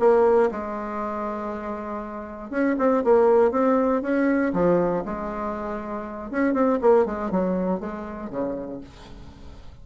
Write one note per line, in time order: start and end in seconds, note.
0.00 0.50 A#3
0.52 2.51 G#3
2.51 2.76 C#4
2.79 3.04 C4
3.04 3.52 A#3
3.52 4.02 C4
4.03 4.53 C#4
4.54 5.04 F3
5.06 6.31 G#3
6.31 6.54 C#4
6.54 6.79 C4
6.82 7.06 A#3
7.06 7.31 G#3
7.31 7.81 F#3
7.81 8.31 G#3
8.31 8.81 C#3